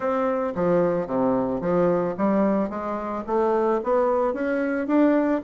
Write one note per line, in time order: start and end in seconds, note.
0.00 0.53 C4
0.55 1.07 F3
1.07 1.60 C3
1.60 2.14 F3
2.17 2.69 G3
2.69 3.23 G#3
3.26 3.80 A3
3.83 4.33 B3
4.33 4.87 C#4
4.87 5.41 D4